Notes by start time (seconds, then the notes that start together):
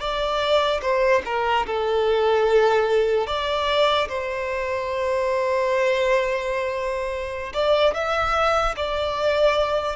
0.00 D5
0.81 C5
1.25 A#4
1.66 A4
3.27 D5
4.08 C5
7.53 D5
7.94 E5
8.76 D5